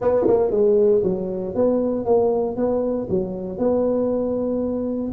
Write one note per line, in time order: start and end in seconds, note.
0.01 0.26 B3
0.27 0.51 A#3
0.51 1.02 G#3
1.03 1.54 F#3
1.55 2.05 B3
2.05 2.56 A#3
2.56 3.07 B3
3.09 3.58 F#3
3.58 5.11 B3